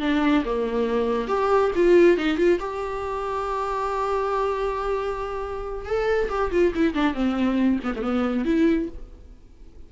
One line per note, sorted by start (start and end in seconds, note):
0.00 0.43 D4
0.44 1.27 A#3
1.27 1.71 G4
1.75 2.17 F4
2.17 2.37 D#4
2.37 2.59 F4
2.59 5.85 G4
5.85 6.28 A4
6.29 6.51 G4
6.51 6.73 F4
6.75 6.94 E4
6.94 7.14 D4
7.14 7.79 C4
7.83 7.94 B3
7.95 8.02 A3
8.02 8.45 B3
8.45 8.88 E4